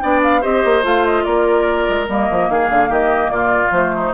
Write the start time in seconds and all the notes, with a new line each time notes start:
0.00 B3 D4 D5 G5
0.23 F5
0.42 C4 G4 C5 D#5
0.65 A#3
0.83 A3 F4 F5
1.06 D#5
1.24 A#3 A#4 D5
1.89 G#3
2.09 G3 A#3 D#5
2.31 F3
2.49 D#3 G#4 F5
2.70 D3
2.90 D#3 G4 D#5
3.30 A#2 F4 D5
3.71 F3 A3 C5
3.96 D#4